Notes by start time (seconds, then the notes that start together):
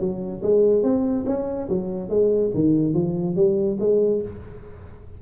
0.00 F#3
0.43 G#3
0.83 C4
1.26 C#4
1.69 F#3
2.09 G#3
2.54 D#3
2.94 F3
3.36 G3
3.80 G#3